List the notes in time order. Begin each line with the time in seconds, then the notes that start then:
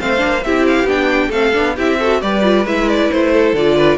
0.00 A3 C4 C5 F5
0.18 D4
0.25 A#3
0.44 C4 E4 G4 E5
0.67 F5
0.84 B3 D4 G5
1.29 A3 C4 A4 F5
1.53 B3 D4
1.76 C4 E4 G4 E5
1.99 F#4 A4
2.22 G3 G4 B4 D5
2.43 F4
2.66 G#3 E4 E5
2.89 D5
3.11 A3 C5
3.33 A4
3.54 D3 F4 D5
3.77 B4